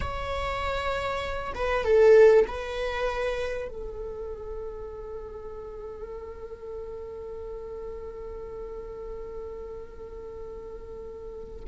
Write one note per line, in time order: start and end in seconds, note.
0.00 1.53 C#5
1.54 1.84 B4
1.84 2.45 A4
2.47 3.68 B4
3.68 11.64 A4